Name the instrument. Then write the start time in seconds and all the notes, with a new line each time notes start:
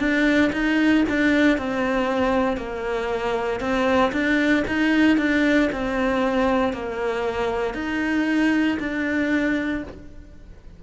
cello
0.00 D4
0.53 D#4
1.10 D4
1.58 C4
2.57 A#3
3.61 C4
4.12 D4
4.68 D#4
5.18 D4
5.73 C4
6.74 A#3
7.74 D#4
8.80 D4